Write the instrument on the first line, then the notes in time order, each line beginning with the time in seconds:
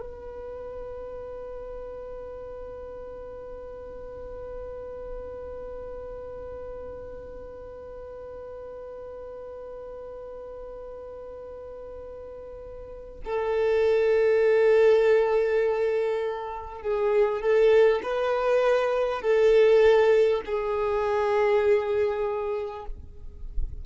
violin
0.00 B4
13.25 A4
16.82 G#4
17.41 A4
18.02 B4
19.22 A4
20.45 G#4